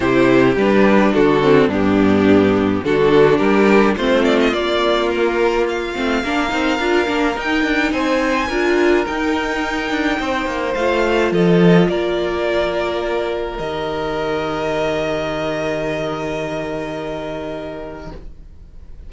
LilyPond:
<<
  \new Staff \with { instrumentName = "violin" } { \time 4/4 \tempo 4 = 106 c''4 b'4 a'4 g'4~ | g'4 a'4 ais'4 c''8 d''16 dis''16 | d''4 ais'4 f''2~ | f''4 g''4 gis''2 |
g''2. f''4 | dis''4 d''2. | dis''1~ | dis''1 | }
  \new Staff \with { instrumentName = "violin" } { \time 4/4 g'2 fis'4 d'4~ | d'4 fis'4 g'4 f'4~ | f'2. ais'4~ | ais'2 c''4 ais'4~ |
ais'2 c''2 | a'4 ais'2.~ | ais'1~ | ais'1 | }
  \new Staff \with { instrumentName = "viola" } { \time 4/4 e'4 d'4. c'8 b4~ | b4 d'2 c'4 | ais2~ ais8 c'8 d'8 dis'8 | f'8 d'8 dis'2 f'4 |
dis'2. f'4~ | f'1 | g'1~ | g'1 | }
  \new Staff \with { instrumentName = "cello" } { \time 4/4 c4 g4 d4 g,4~ | g,4 d4 g4 a4 | ais2~ ais8 a8 ais8 c'8 | d'8 ais8 dis'8 d'8 c'4 d'4 |
dis'4. d'8 c'8 ais8 a4 | f4 ais2. | dis1~ | dis1 | }
>>